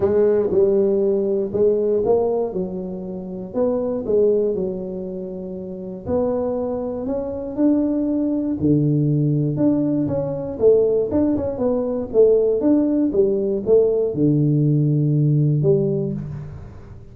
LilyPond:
\new Staff \with { instrumentName = "tuba" } { \time 4/4 \tempo 4 = 119 gis4 g2 gis4 | ais4 fis2 b4 | gis4 fis2. | b2 cis'4 d'4~ |
d'4 d2 d'4 | cis'4 a4 d'8 cis'8 b4 | a4 d'4 g4 a4 | d2. g4 | }